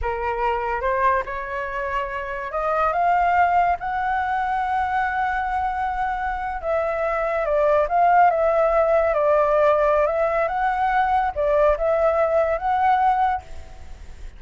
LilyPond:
\new Staff \with { instrumentName = "flute" } { \time 4/4 \tempo 4 = 143 ais'2 c''4 cis''4~ | cis''2 dis''4 f''4~ | f''4 fis''2.~ | fis''2.~ fis''8. e''16~ |
e''4.~ e''16 d''4 f''4 e''16~ | e''4.~ e''16 d''2~ d''16 | e''4 fis''2 d''4 | e''2 fis''2 | }